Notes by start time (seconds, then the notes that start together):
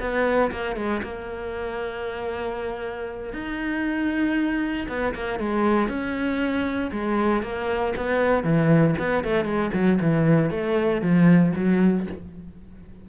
0.00 B3
0.52 A#3
0.76 G#3
1.03 A#3
3.33 D#4
4.88 B3
5.14 A#3
5.39 G#3
5.88 C#4
6.92 G#3
7.43 A#3
7.97 B3
8.44 E3
8.99 B3
9.24 A3
9.45 G#3
9.73 F#3
10.01 E3
10.50 A3
11.01 F3
11.55 F#3